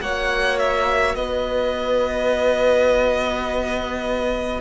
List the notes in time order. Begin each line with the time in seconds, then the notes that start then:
0.00 A#3 F#4 C#5 F#5
0.58 E5
1.15 B3 B4 D#5